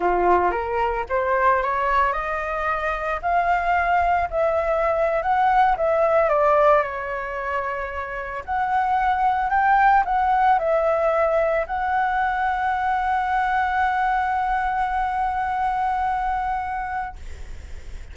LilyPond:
\new Staff \with { instrumentName = "flute" } { \time 4/4 \tempo 4 = 112 f'4 ais'4 c''4 cis''4 | dis''2 f''2 | e''4.~ e''16 fis''4 e''4 d''16~ | d''8. cis''2. fis''16~ |
fis''4.~ fis''16 g''4 fis''4 e''16~ | e''4.~ e''16 fis''2~ fis''16~ | fis''1~ | fis''1 | }